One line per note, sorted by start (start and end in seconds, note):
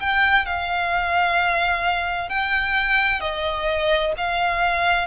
0.00 0.46 G5
0.46 2.29 F5
2.29 3.21 G5
3.21 4.13 D#5
4.17 5.07 F5